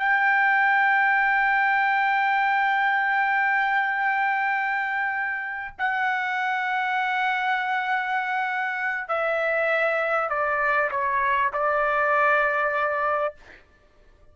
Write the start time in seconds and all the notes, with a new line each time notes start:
0.00 G5
5.79 F#5
9.09 E5
10.30 D5
10.91 C#5
11.53 D5